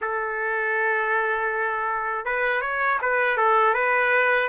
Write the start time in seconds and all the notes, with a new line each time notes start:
0.01 A4
2.25 B4
2.61 C#5
3.01 B4
3.37 A4
3.73 B4